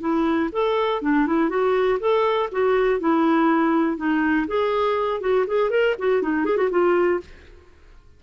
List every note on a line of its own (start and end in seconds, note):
0.00 0.50 E4
0.52 1.01 A4
1.01 1.26 D4
1.26 1.49 E4
1.49 1.99 F#4
1.99 2.49 A4
2.52 3.00 F#4
3.00 3.97 E4
3.97 4.47 D#4
4.47 5.20 G#4
5.20 5.45 F#4
5.47 5.70 G#4
5.70 5.95 A#4
5.98 6.22 F#4
6.22 6.45 D#4
6.45 6.57 G#4
6.57 6.69 F#4
6.70 7.20 F4